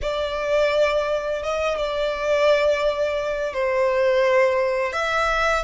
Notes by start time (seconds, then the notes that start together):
0.01 D5
1.42 D#5
1.77 D5
3.53 C5
4.93 E5